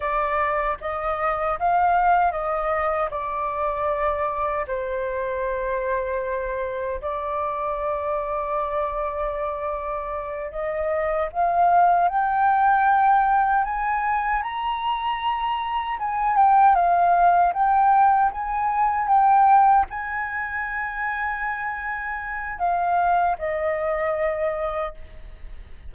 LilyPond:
\new Staff \with { instrumentName = "flute" } { \time 4/4 \tempo 4 = 77 d''4 dis''4 f''4 dis''4 | d''2 c''2~ | c''4 d''2.~ | d''4. dis''4 f''4 g''8~ |
g''4. gis''4 ais''4.~ | ais''8 gis''8 g''8 f''4 g''4 gis''8~ | gis''8 g''4 gis''2~ gis''8~ | gis''4 f''4 dis''2 | }